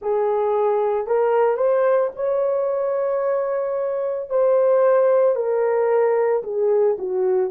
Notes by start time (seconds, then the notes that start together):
0.01 G#4
1.07 A#4
1.56 C5
2.15 C#5
4.29 C5
5.35 A#4
6.43 G#4
6.98 F#4